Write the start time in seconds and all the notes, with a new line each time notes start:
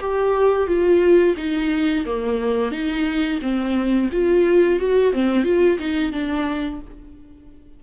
0.00 G4
0.67 F4
1.37 D#4
2.06 A#3
2.72 D#4
3.42 C4
4.12 F4
4.80 F#4
5.13 C4
5.44 F4
5.79 D#4
6.12 D4